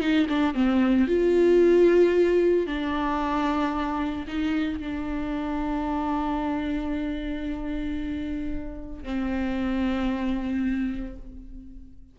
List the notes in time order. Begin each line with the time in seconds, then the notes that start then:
0.00 D#4
0.29 D4
0.54 C4
1.07 F4
2.67 D4
4.27 D#4
4.80 D4
9.04 C4